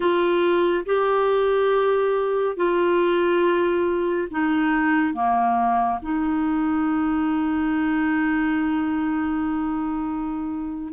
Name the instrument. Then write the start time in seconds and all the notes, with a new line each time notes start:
clarinet
0.00 F4
0.85 G4
2.56 F4
4.31 D#4
5.13 A#3
6.02 D#4